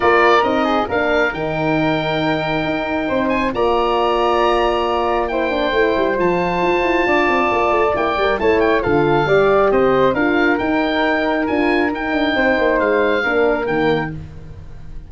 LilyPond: <<
  \new Staff \with { instrumentName = "oboe" } { \time 4/4 \tempo 4 = 136 d''4 dis''4 f''4 g''4~ | g''2.~ g''8 gis''8 | ais''1 | g''2 a''2~ |
a''2 g''4 a''8 g''8 | f''2 dis''4 f''4 | g''2 gis''4 g''4~ | g''4 f''2 g''4 | }
  \new Staff \with { instrumentName = "flute" } { \time 4/4 ais'4. gis'8 ais'2~ | ais'2. c''4 | d''1 | c''1 |
d''2. cis''4 | a'4 d''4 c''4 ais'4~ | ais'1 | c''2 ais'2 | }
  \new Staff \with { instrumentName = "horn" } { \time 4/4 f'4 dis'4 d'4 dis'4~ | dis'1 | f'1 | e'8 d'8 e'4 f'2~ |
f'2 e'8 ais'8 e'4 | f'4 g'2 f'4 | dis'2 f'4 dis'4~ | dis'2 d'4 ais4 | }
  \new Staff \with { instrumentName = "tuba" } { \time 4/4 ais4 c'4 ais4 dis4~ | dis2 dis'4 c'4 | ais1~ | ais4 a8 g8 f4 f'8 e'8 |
d'8 c'8 ais8 a8 ais8 g8 a4 | d4 g4 c'4 d'4 | dis'2 d'4 dis'8 d'8 | c'8 ais8 gis4 ais4 dis4 | }
>>